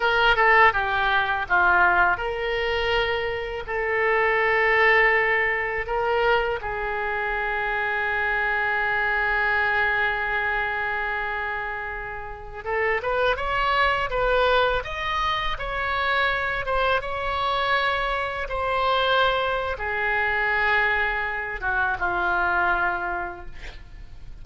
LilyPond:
\new Staff \with { instrumentName = "oboe" } { \time 4/4 \tempo 4 = 82 ais'8 a'8 g'4 f'4 ais'4~ | ais'4 a'2. | ais'4 gis'2.~ | gis'1~ |
gis'4~ gis'16 a'8 b'8 cis''4 b'8.~ | b'16 dis''4 cis''4. c''8 cis''8.~ | cis''4~ cis''16 c''4.~ c''16 gis'4~ | gis'4. fis'8 f'2 | }